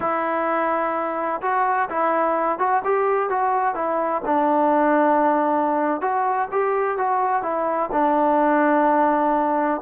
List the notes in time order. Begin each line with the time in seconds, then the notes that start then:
0.00 E4
1.41 F#4
1.89 E4
2.59 F#4
2.84 G4
3.29 F#4
3.75 E4
4.25 D4
6.01 F#4
6.51 G4
6.97 F#4
7.42 E4
7.92 D4